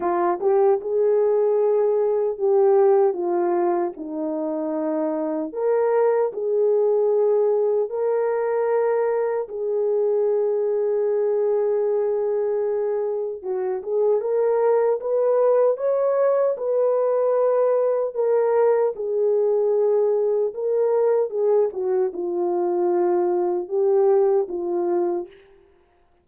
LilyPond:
\new Staff \with { instrumentName = "horn" } { \time 4/4 \tempo 4 = 76 f'8 g'8 gis'2 g'4 | f'4 dis'2 ais'4 | gis'2 ais'2 | gis'1~ |
gis'4 fis'8 gis'8 ais'4 b'4 | cis''4 b'2 ais'4 | gis'2 ais'4 gis'8 fis'8 | f'2 g'4 f'4 | }